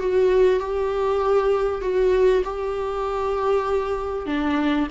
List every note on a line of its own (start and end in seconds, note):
0.00 0.60 F#4
0.60 1.82 G4
1.82 2.43 F#4
2.45 4.27 G4
4.27 4.88 D4